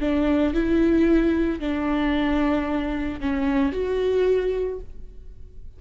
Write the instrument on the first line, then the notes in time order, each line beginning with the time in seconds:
viola
0.00 D4
0.54 E4
1.60 D4
3.20 C#4
3.73 F#4